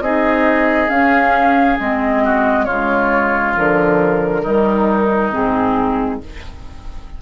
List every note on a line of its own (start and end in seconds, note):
0.00 0.88 C4
0.00 0.88 D#4
0.00 2.24 G#4
0.00 0.89 D#5
0.88 1.76 C#4
0.88 1.78 C#4
0.88 1.77 F5
1.79 2.68 G#3
1.79 2.67 C4
1.79 2.65 D#5
2.24 2.65 F#4
2.65 3.56 C#3
2.65 3.54 G#3
2.65 4.41 F4
2.65 3.53 C#5
3.54 4.45 D3
3.54 4.42 F3
3.54 5.32 A#4
4.42 5.33 D#3
4.42 5.32 G3
4.42 6.19 D#4
5.32 6.22 G#2
5.32 6.20 C4
5.32 6.21 G#4